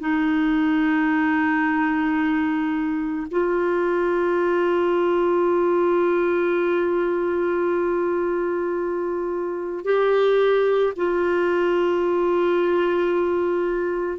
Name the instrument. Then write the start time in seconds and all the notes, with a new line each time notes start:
clarinet
0.00 D#4
3.31 F4
9.85 G4
10.96 F4